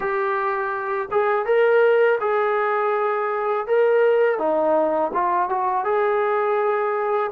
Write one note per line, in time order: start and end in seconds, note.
0.00 1.08 G4
1.11 1.45 G#4
1.45 2.18 A#4
2.20 3.67 G#4
3.67 4.38 A#4
4.38 5.11 D#4
5.13 5.49 F4
5.49 5.84 F#4
5.84 7.30 G#4